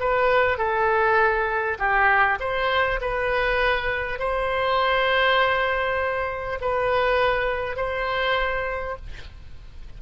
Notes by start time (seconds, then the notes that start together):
0.00 B4
0.58 A4
1.79 G4
2.40 C5
3.01 B4
4.19 C5
6.61 B4
7.76 C5